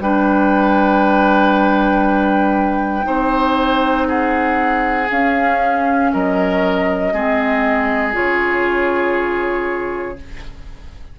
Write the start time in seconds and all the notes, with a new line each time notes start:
0.00 G3 D4 B4 G5
3.03 C4 D#4 C5
4.08 G#4 F#5
5.11 C#4 F5
6.13 F#3 A#4 D#5
7.13 G#3 C4 G#4
8.12 C#3 F4 C#5